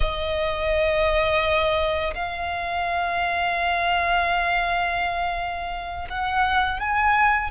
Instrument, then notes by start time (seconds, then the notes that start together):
violin
0.00 D#5
2.15 F5
6.09 F#5
6.80 G#5